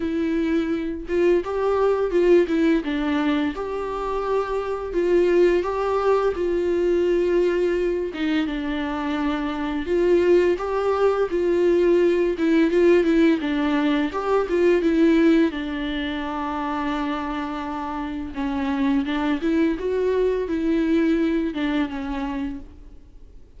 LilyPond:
\new Staff \with { instrumentName = "viola" } { \time 4/4 \tempo 4 = 85 e'4. f'8 g'4 f'8 e'8 | d'4 g'2 f'4 | g'4 f'2~ f'8 dis'8 | d'2 f'4 g'4 |
f'4. e'8 f'8 e'8 d'4 | g'8 f'8 e'4 d'2~ | d'2 cis'4 d'8 e'8 | fis'4 e'4. d'8 cis'4 | }